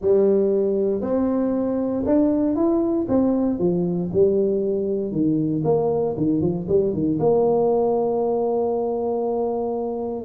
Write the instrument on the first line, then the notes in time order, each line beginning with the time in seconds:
tuba
0.01 G3
1.01 C4
2.05 D4
2.55 E4
3.08 C4
3.58 F3
4.12 G3
5.11 D#3
5.64 A#3
6.17 D#3
6.41 F3
6.68 G3
6.93 D#3
7.19 A#3